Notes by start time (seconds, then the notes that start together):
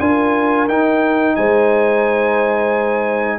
0.00 D4 F4 A#4 G#5
0.69 D#4 G5
1.36 G#3 C5 G#5